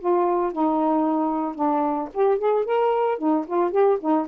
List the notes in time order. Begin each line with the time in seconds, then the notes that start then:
0.00 F4
0.53 D#4
1.56 D4
2.14 G4
2.39 G#4
2.65 A#4
3.19 D#4
3.47 F4
3.72 G4
4.01 D#4